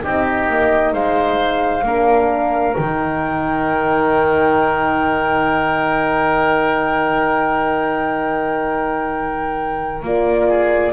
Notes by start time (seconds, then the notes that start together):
0.00 C4 D#4 G4 D#5
0.49 A#3
0.93 G#3 C5 F5
1.83 A#3 D4 A#4
2.76 D#3 D#4 G5
10.02 A#3 F4 D5
10.48 G#4